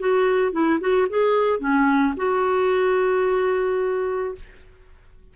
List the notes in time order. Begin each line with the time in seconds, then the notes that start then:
0.00 F#4
0.53 E4
0.81 F#4
1.10 G#4
1.60 C#4
2.17 F#4